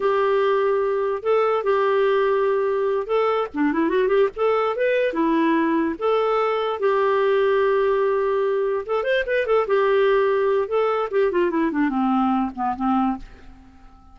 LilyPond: \new Staff \with { instrumentName = "clarinet" } { \time 4/4 \tempo 4 = 146 g'2. a'4 | g'2.~ g'8 a'8~ | a'8 d'8 e'8 fis'8 g'8 a'4 b'8~ | b'8 e'2 a'4.~ |
a'8 g'2.~ g'8~ | g'4. a'8 c''8 b'8 a'8 g'8~ | g'2 a'4 g'8 f'8 | e'8 d'8 c'4. b8 c'4 | }